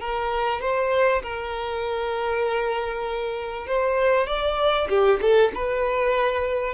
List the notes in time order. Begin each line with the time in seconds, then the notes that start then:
0.00 A#4
0.61 C5
1.22 A#4
3.67 C5
4.27 D5
4.89 G4
5.21 A4
5.54 B4